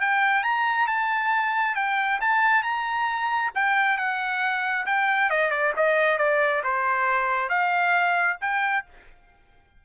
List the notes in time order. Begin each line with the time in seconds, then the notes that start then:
0.00 G5
0.43 A#5
0.87 A5
1.75 G5
2.20 A5
2.62 A#5
3.54 G5
3.97 F#5
4.86 G5
5.30 D#5
5.50 D5
5.76 D#5
6.18 D5
6.63 C5
7.49 F5
8.40 G5